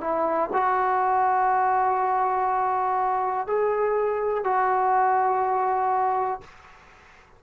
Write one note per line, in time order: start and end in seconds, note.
0.00 0.49 E4
0.52 3.46 F#4
3.46 4.44 G#4
4.44 6.40 F#4